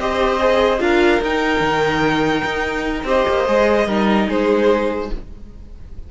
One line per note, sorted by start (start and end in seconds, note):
0.00 0.80 C4
0.00 0.40 G4
0.00 0.83 C5
0.00 0.81 D#5
0.40 0.80 G#4
0.80 1.21 D4
0.80 1.21 F4
0.80 3.07 A#4
0.80 1.22 F5
1.22 1.60 D#4
1.22 3.06 D#4
1.22 3.08 G5
1.60 2.42 D#3
2.45 3.04 D#4
3.04 3.25 C4
3.04 3.47 G4
3.04 3.87 C5
3.04 4.30 D#5
3.29 3.48 A#3
3.48 3.87 G#3
3.48 3.89 G#4
3.87 4.28 G3
3.87 5.11 D#4
3.87 4.28 A#4
4.28 5.10 G#3
4.28 5.10 G#4
4.28 5.12 C5